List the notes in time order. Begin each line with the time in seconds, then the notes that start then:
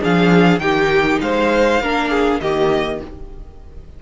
0.00 F3 D4 G#4 F5
0.58 D#3 D#4 G4 G5
1.21 G#3 C5 F5
1.80 A#3 D4 A#4
2.10 G#4
2.40 D#3 A#3 G4 D#5